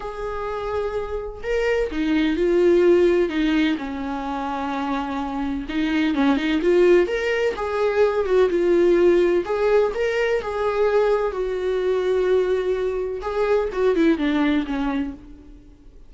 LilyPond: \new Staff \with { instrumentName = "viola" } { \time 4/4 \tempo 4 = 127 gis'2. ais'4 | dis'4 f'2 dis'4 | cis'1 | dis'4 cis'8 dis'8 f'4 ais'4 |
gis'4. fis'8 f'2 | gis'4 ais'4 gis'2 | fis'1 | gis'4 fis'8 e'8 d'4 cis'4 | }